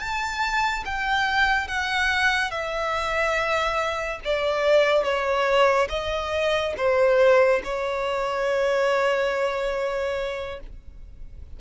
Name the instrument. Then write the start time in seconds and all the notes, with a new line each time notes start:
violin
0.00 A5
0.86 G5
1.68 F#5
2.52 E5
4.25 D5
5.04 C#5
5.90 D#5
6.78 C5
7.65 C#5